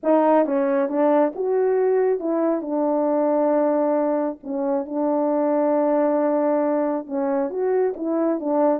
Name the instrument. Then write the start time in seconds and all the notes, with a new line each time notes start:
horn
0.03 D#4
0.45 C#4
0.88 D4
1.35 F#4
2.19 E4
2.61 D4
4.43 C#4
4.85 D4
7.06 C#4
7.49 F#4
7.96 E4
8.39 D4